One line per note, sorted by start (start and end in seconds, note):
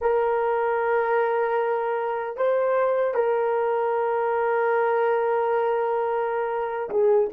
0.01 2.36 A#4
2.36 3.14 C5
3.14 6.89 A#4
6.89 7.29 G#4